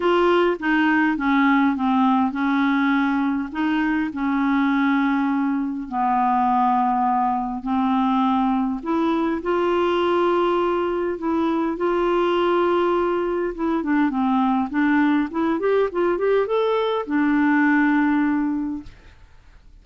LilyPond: \new Staff \with { instrumentName = "clarinet" } { \time 4/4 \tempo 4 = 102 f'4 dis'4 cis'4 c'4 | cis'2 dis'4 cis'4~ | cis'2 b2~ | b4 c'2 e'4 |
f'2. e'4 | f'2. e'8 d'8 | c'4 d'4 e'8 g'8 f'8 g'8 | a'4 d'2. | }